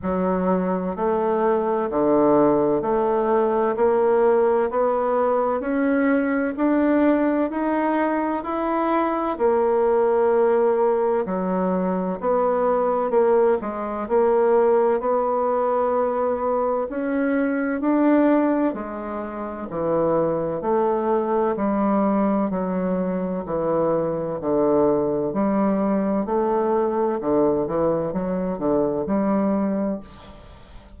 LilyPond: \new Staff \with { instrumentName = "bassoon" } { \time 4/4 \tempo 4 = 64 fis4 a4 d4 a4 | ais4 b4 cis'4 d'4 | dis'4 e'4 ais2 | fis4 b4 ais8 gis8 ais4 |
b2 cis'4 d'4 | gis4 e4 a4 g4 | fis4 e4 d4 g4 | a4 d8 e8 fis8 d8 g4 | }